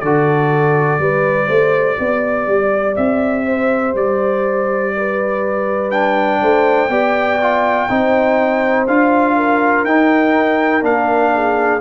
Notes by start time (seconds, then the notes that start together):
0.00 D3 F#4 A4 D5
0.99 G3 G4 B4
1.47 A3 C5
1.98 B3 D5
2.47 G3
2.96 C4 E5
3.46 C5
3.94 G3 D5
4.96 B4
5.91 D4 G5
6.42 A3 C5
6.89 B3 G4 D5
7.41 F4
7.89 C4 D#4 C5
8.87 D4 F4 F5
9.36 A#4
9.84 D#4 G5
10.82 A#3 D4 F5
11.34 G#4